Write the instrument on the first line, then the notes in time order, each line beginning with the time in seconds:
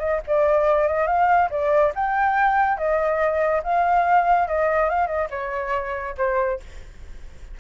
flute
0.00 D#5
0.27 D5
0.88 D#5
1.08 F5
1.51 D5
1.96 G5
2.78 D#5
3.64 F5
4.48 D#5
4.90 F5
5.08 D#5
5.31 C#5
6.18 C5